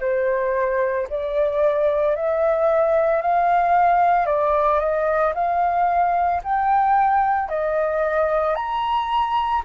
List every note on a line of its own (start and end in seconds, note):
0.00 1.07 C5
1.09 2.16 D5
2.16 3.21 E5
3.21 4.26 F5
4.26 4.79 D5
4.79 5.33 D#5
5.34 6.41 F5
6.43 7.49 G5
7.49 8.55 D#5
8.55 9.62 A#5